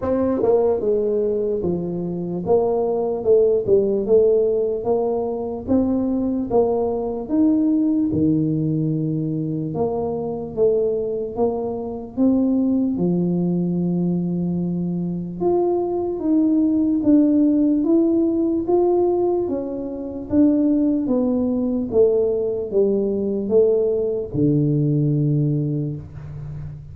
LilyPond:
\new Staff \with { instrumentName = "tuba" } { \time 4/4 \tempo 4 = 74 c'8 ais8 gis4 f4 ais4 | a8 g8 a4 ais4 c'4 | ais4 dis'4 dis2 | ais4 a4 ais4 c'4 |
f2. f'4 | dis'4 d'4 e'4 f'4 | cis'4 d'4 b4 a4 | g4 a4 d2 | }